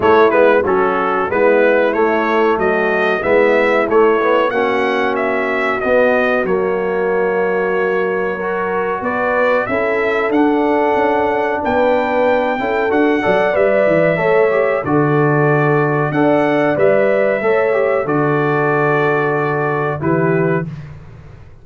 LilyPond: <<
  \new Staff \with { instrumentName = "trumpet" } { \time 4/4 \tempo 4 = 93 cis''8 b'8 a'4 b'4 cis''4 | dis''4 e''4 cis''4 fis''4 | e''4 dis''4 cis''2~ | cis''2 d''4 e''4 |
fis''2 g''2 | fis''4 e''2 d''4~ | d''4 fis''4 e''2 | d''2. b'4 | }
  \new Staff \with { instrumentName = "horn" } { \time 4/4 e'4 fis'4 e'2 | fis'4 e'2 fis'4~ | fis'1~ | fis'4 ais'4 b'4 a'4~ |
a'2 b'4. a'8~ | a'8 d''4. cis''4 a'4~ | a'4 d''2 cis''4 | a'2. g'4 | }
  \new Staff \with { instrumentName = "trombone" } { \time 4/4 a8 b8 cis'4 b4 a4~ | a4 b4 a8 b8 cis'4~ | cis'4 b4 ais2~ | ais4 fis'2 e'4 |
d'2.~ d'8 e'8 | fis'8 a'8 b'4 a'8 g'8 fis'4~ | fis'4 a'4 b'4 a'8 g'8 | fis'2. e'4 | }
  \new Staff \with { instrumentName = "tuba" } { \time 4/4 a8 gis8 fis4 gis4 a4 | fis4 gis4 a4 ais4~ | ais4 b4 fis2~ | fis2 b4 cis'4 |
d'4 cis'4 b4. cis'8 | d'8 fis8 g8 e8 a4 d4~ | d4 d'4 g4 a4 | d2. e4 | }
>>